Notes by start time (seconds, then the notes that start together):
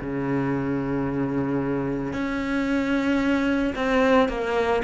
0.00 C#3
2.13 C#4
3.75 C4
4.28 A#3